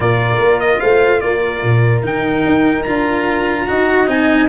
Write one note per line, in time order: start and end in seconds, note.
0.00 0.37 A#2
0.00 2.02 F4
0.00 0.79 A#4
0.00 0.60 D5
0.38 0.79 A#3
0.60 0.80 D#5
0.79 1.22 A3
0.79 1.20 C5
0.79 1.20 F5
1.20 1.62 A#3
1.20 3.68 A#4
1.20 2.02 D5
1.62 2.03 A#2
2.03 2.43 D#3
2.03 2.84 D#4
2.03 2.82 G5
2.45 2.86 D#4
2.82 3.68 D4
2.82 3.66 F4
2.82 4.05 A#5
3.66 4.07 D#4
3.66 4.07 F#4
3.66 4.48 D#5
4.07 4.47 C4
4.07 4.48 D#4
4.07 4.48 G#5